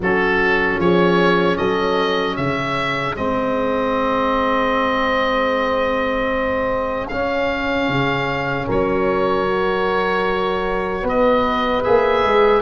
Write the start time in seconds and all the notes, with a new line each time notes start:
0.00 F#3 C#4 F#4 A4
0.77 F3 G#4 C#5
1.57 F#3 A4 D#5
2.36 C#3 G#4 E5
3.15 G#3 C4 D#5
7.08 C#4 F5
7.88 C#3
8.66 F#3 A#4 C#5
9.47 F#4
11.02 B3 B4 D#5
11.83 A#3 G#4 E5
12.23 G#3